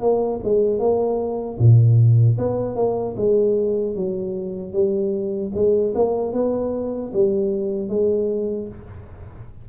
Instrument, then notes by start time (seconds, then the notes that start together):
tuba
0.00 A#3
0.43 G#3
0.79 A#3
1.59 A#2
2.38 B3
2.75 A#3
3.16 G#3
3.95 F#3
4.72 G3
5.54 G#3
5.95 A#3
6.33 B3
7.13 G3
7.89 G#3